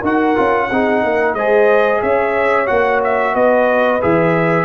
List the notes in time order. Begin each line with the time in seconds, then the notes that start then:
0.00 D#4 F#4 A#4 F#5
0.36 C#4 F4
0.70 C4 D#4 G#4
1.03 A#3 A#4
1.34 G#3 G#4 C5 D#5
2.02 C#4 C#5 E5
2.67 A#3 F#4 F#5
3.04 E5
3.33 B3 B4 D#5
4.02 E3 G#4 E5